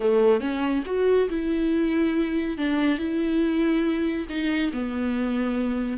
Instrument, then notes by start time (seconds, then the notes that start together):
viola
0.00 A3
0.40 C#4
0.85 F#4
1.29 E4
2.57 D4
2.98 E4
4.29 D#4
4.72 B3